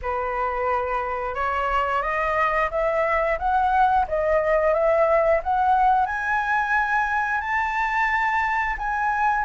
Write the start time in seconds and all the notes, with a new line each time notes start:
0.02 B4
1.35 C#5
2.02 D#5
2.71 E5
3.38 F#5
4.08 D#5
4.73 E5
5.43 F#5
6.06 G#5
7.41 A5
8.78 G#5